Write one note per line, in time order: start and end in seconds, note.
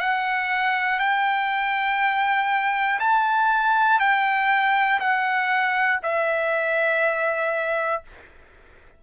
0.00 1.00 F#5
1.00 3.00 G5
3.00 4.00 A5
4.00 5.00 G5
5.00 6.00 F#5
6.03 8.03 E5